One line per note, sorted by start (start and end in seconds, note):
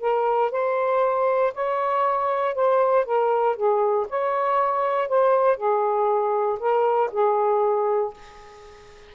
0.00 0.51 A#4
0.51 1.53 C5
1.54 2.54 C#5
2.54 3.05 C5
3.05 3.56 A#4
3.56 4.07 G#4
4.09 5.08 C#5
5.08 5.57 C5
5.57 6.58 G#4
6.59 7.10 A#4
7.12 8.13 G#4